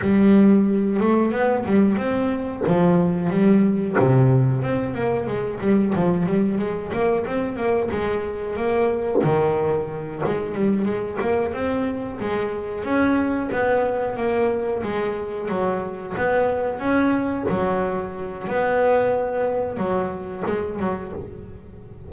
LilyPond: \new Staff \with { instrumentName = "double bass" } { \time 4/4 \tempo 4 = 91 g4. a8 b8 g8 c'4 | f4 g4 c4 c'8 ais8 | gis8 g8 f8 g8 gis8 ais8 c'8 ais8 | gis4 ais4 dis4. gis8 |
g8 gis8 ais8 c'4 gis4 cis'8~ | cis'8 b4 ais4 gis4 fis8~ | fis8 b4 cis'4 fis4. | b2 fis4 gis8 fis8 | }